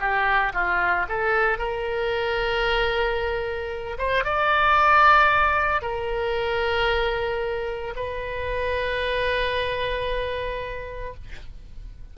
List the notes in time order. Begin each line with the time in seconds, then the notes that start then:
0.00 G4
0.54 F4
1.09 A4
1.59 A#4
3.98 C5
4.25 D5
5.82 A#4
7.96 B4